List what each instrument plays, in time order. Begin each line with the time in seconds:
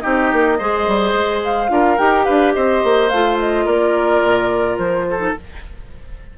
0.00 bassoon C4, clarinet D#4, oboe G4, flute D#5
0.33 bassoon A#3
0.59 bassoon G#3, clarinet G#4, oboe C5
0.87 bassoon G3
1.14 bassoon G#3
1.44 flute F5
1.69 bassoon D4, clarinet F4, oboe A#4
1.98 bassoon D#4, clarinet G4, flute G5
2.25 bassoon D4, oboe B4, flute F5
2.54 bassoon C4, oboe C5, flute D#5
2.84 bassoon A#3
3.09 bassoon A3, clarinet F4, flute F5
3.39 flute D#5
3.66 bassoon A#3, oboe A#4, flute D5
4.24 bassoon A#2
4.78 bassoon F3, flute C5
5.10 oboe A4
5.19 clarinet D#4